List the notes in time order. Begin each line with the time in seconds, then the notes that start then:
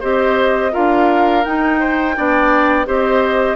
0.00 C4 G4 C5 D#5
0.71 D4 F4 A#4 F5
1.44 D#4 G5
1.79 C5
2.15 B3 D4 D5
2.85 C4 G4 C5 D#5